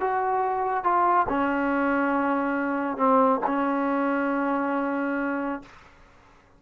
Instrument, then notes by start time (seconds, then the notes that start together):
trombone
0.00 F#4
0.83 F4
1.29 C#4
2.97 C4
3.46 C#4